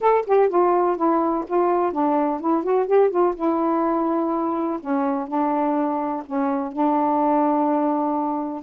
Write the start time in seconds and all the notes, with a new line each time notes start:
0.00 A4
0.26 G4
0.49 F4
0.96 E4
1.47 F4
1.92 D4
2.40 E4
2.63 F#4
2.86 G4
3.10 F4
3.35 E4
4.80 C#4
5.27 D4
6.26 C#4
6.72 D4